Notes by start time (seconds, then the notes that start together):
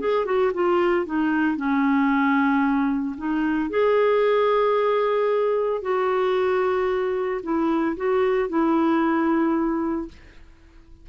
0.00 G#4
0.26 F#4
0.54 F4
1.06 D#4
1.57 C#4
3.18 D#4
3.70 G#4
5.82 F#4
7.43 E4
7.97 F#4
8.49 E4